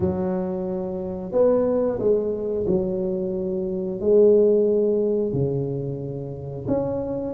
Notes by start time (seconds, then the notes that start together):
0.00 F#3
1.32 B3
1.98 G#3
2.67 F#3
4.00 G#3
5.32 C#3
6.67 C#4